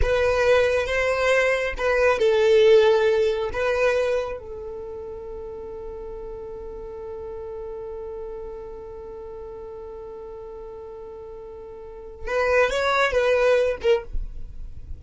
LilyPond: \new Staff \with { instrumentName = "violin" } { \time 4/4 \tempo 4 = 137 b'2 c''2 | b'4 a'2. | b'2 a'2~ | a'1~ |
a'1~ | a'1~ | a'1 | b'4 cis''4 b'4. ais'8 | }